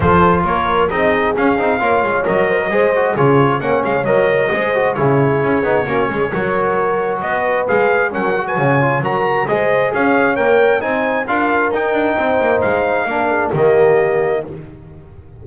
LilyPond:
<<
  \new Staff \with { instrumentName = "trumpet" } { \time 4/4 \tempo 4 = 133 c''4 cis''4 dis''4 f''4~ | f''4 dis''2 cis''4 | fis''8 f''8 dis''2 cis''4~ | cis''1 |
dis''4 f''4 fis''8. gis''4~ gis''16 | ais''4 dis''4 f''4 g''4 | gis''4 f''4 g''2 | f''2 dis''2 | }
  \new Staff \with { instrumentName = "horn" } { \time 4/4 a'4 ais'4 gis'2 | cis''4. c''16 ais'16 c''4 gis'4 | cis''2 c''4 gis'4~ | gis'4 fis'8 gis'8 ais'2 |
b'2 ais'8. b'16 cis''4 | ais'4 c''4 cis''2 | c''4 ais'2 c''4~ | c''4 ais'8 gis'8 g'2 | }
  \new Staff \with { instrumentName = "trombone" } { \time 4/4 f'2 dis'4 cis'8 dis'8 | f'4 ais'4 gis'8 fis'8 f'4 | cis'4 ais'4 gis'8 fis'8 e'4~ | e'8 dis'8 cis'4 fis'2~ |
fis'4 gis'4 cis'8 fis'4 f'8 | fis'4 gis'2 ais'4 | dis'4 f'4 dis'2~ | dis'4 d'4 ais2 | }
  \new Staff \with { instrumentName = "double bass" } { \time 4/4 f4 ais4 c'4 cis'8 c'8 | ais8 gis8 fis4 gis4 cis4 | ais8 gis8 fis4 gis4 cis4 | cis'8 b8 ais8 gis8 fis2 |
b4 gis4 fis4 cis4 | fis4 gis4 cis'4 ais4 | c'4 d'4 dis'8 d'8 c'8 ais8 | gis4 ais4 dis2 | }
>>